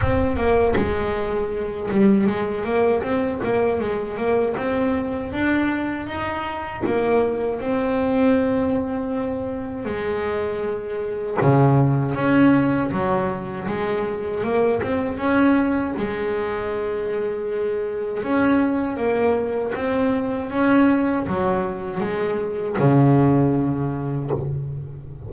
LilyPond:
\new Staff \with { instrumentName = "double bass" } { \time 4/4 \tempo 4 = 79 c'8 ais8 gis4. g8 gis8 ais8 | c'8 ais8 gis8 ais8 c'4 d'4 | dis'4 ais4 c'2~ | c'4 gis2 cis4 |
cis'4 fis4 gis4 ais8 c'8 | cis'4 gis2. | cis'4 ais4 c'4 cis'4 | fis4 gis4 cis2 | }